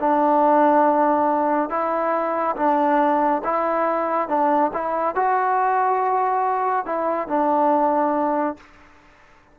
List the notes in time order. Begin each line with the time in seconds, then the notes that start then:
0.00 D4
1.70 E4
2.57 D4
3.44 E4
4.29 D4
4.74 E4
5.15 F#4
6.86 E4
7.29 D4